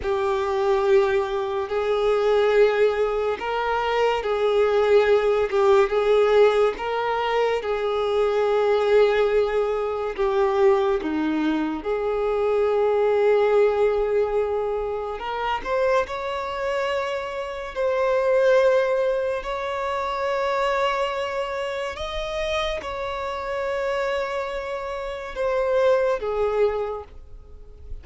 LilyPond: \new Staff \with { instrumentName = "violin" } { \time 4/4 \tempo 4 = 71 g'2 gis'2 | ais'4 gis'4. g'8 gis'4 | ais'4 gis'2. | g'4 dis'4 gis'2~ |
gis'2 ais'8 c''8 cis''4~ | cis''4 c''2 cis''4~ | cis''2 dis''4 cis''4~ | cis''2 c''4 gis'4 | }